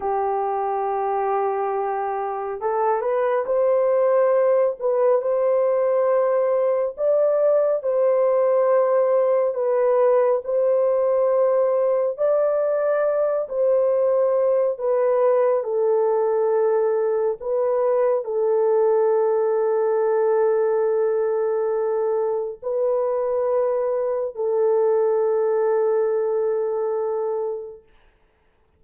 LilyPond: \new Staff \with { instrumentName = "horn" } { \time 4/4 \tempo 4 = 69 g'2. a'8 b'8 | c''4. b'8 c''2 | d''4 c''2 b'4 | c''2 d''4. c''8~ |
c''4 b'4 a'2 | b'4 a'2.~ | a'2 b'2 | a'1 | }